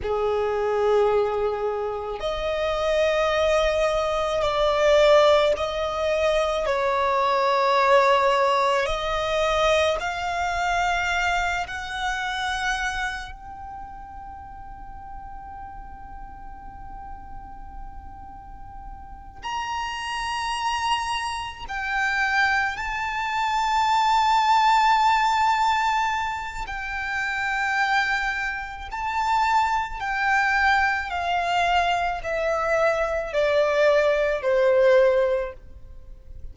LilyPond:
\new Staff \with { instrumentName = "violin" } { \time 4/4 \tempo 4 = 54 gis'2 dis''2 | d''4 dis''4 cis''2 | dis''4 f''4. fis''4. | g''1~ |
g''4. ais''2 g''8~ | g''8 a''2.~ a''8 | g''2 a''4 g''4 | f''4 e''4 d''4 c''4 | }